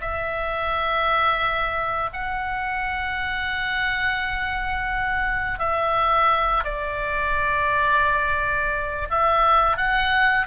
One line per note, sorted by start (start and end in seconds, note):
0.00 2.09 E5
2.12 5.59 F#5
5.59 6.63 E5
6.63 9.08 D5
9.10 9.76 E5
9.76 10.46 F#5